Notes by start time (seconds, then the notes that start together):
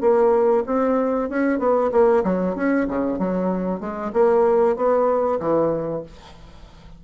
0.00 A#3
0.66 C4
1.29 C#4
1.59 B3
1.91 A#3
2.23 F#3
2.55 C#4
2.88 C#3
3.18 F#3
3.80 G#3
4.13 A#3
4.76 B3
5.39 E3